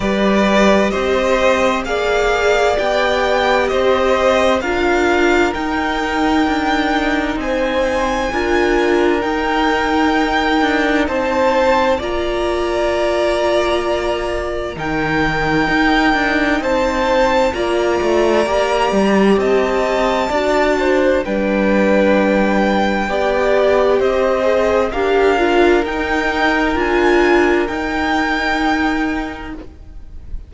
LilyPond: <<
  \new Staff \with { instrumentName = "violin" } { \time 4/4 \tempo 4 = 65 d''4 dis''4 f''4 g''4 | dis''4 f''4 g''2 | gis''2 g''2 | a''4 ais''2. |
g''2 a''4 ais''4~ | ais''4 a''2 g''4~ | g''2 dis''4 f''4 | g''4 gis''4 g''2 | }
  \new Staff \with { instrumentName = "violin" } { \time 4/4 b'4 c''4 d''2 | c''4 ais'2. | c''4 ais'2. | c''4 d''2. |
ais'2 c''4 d''4~ | d''4 dis''4 d''8 c''8 b'4~ | b'4 d''4 c''4 ais'4~ | ais'1 | }
  \new Staff \with { instrumentName = "viola" } { \time 4/4 g'2 gis'4 g'4~ | g'4 f'4 dis'2~ | dis'4 f'4 dis'2~ | dis'4 f'2. |
dis'2. f'4 | g'2 fis'4 d'4~ | d'4 g'4. gis'8 g'8 f'8 | dis'4 f'4 dis'2 | }
  \new Staff \with { instrumentName = "cello" } { \time 4/4 g4 c'4 ais4 b4 | c'4 d'4 dis'4 d'4 | c'4 d'4 dis'4. d'8 | c'4 ais2. |
dis4 dis'8 d'8 c'4 ais8 a8 | ais8 g8 c'4 d'4 g4~ | g4 b4 c'4 d'4 | dis'4 d'4 dis'2 | }
>>